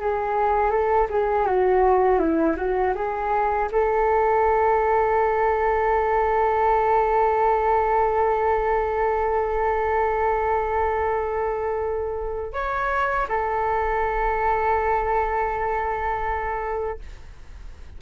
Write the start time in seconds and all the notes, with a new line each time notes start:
0.00 G#4
0.70 A4
1.09 G#4
1.46 F#4
2.19 E4
2.57 F#4
2.95 G#4
3.72 A4
12.53 C#5
13.28 A4